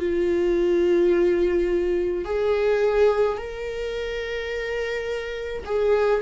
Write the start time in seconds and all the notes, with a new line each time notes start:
0.00 F4
2.25 G#4
3.38 A#4
5.66 G#4